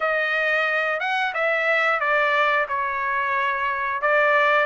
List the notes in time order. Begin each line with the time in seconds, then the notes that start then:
0.00 D#5
0.99 F#5
1.34 E5
1.99 D5
2.68 C#5
4.02 D5